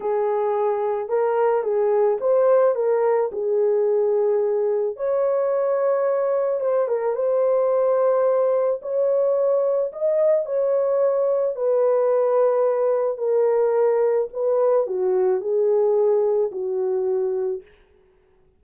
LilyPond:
\new Staff \with { instrumentName = "horn" } { \time 4/4 \tempo 4 = 109 gis'2 ais'4 gis'4 | c''4 ais'4 gis'2~ | gis'4 cis''2. | c''8 ais'8 c''2. |
cis''2 dis''4 cis''4~ | cis''4 b'2. | ais'2 b'4 fis'4 | gis'2 fis'2 | }